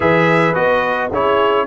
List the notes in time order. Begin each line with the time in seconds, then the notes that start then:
0.00 E3 G#4 B4 E5
0.54 B3 F#4 D#5
1.11 C#4 E4 G#4 C#5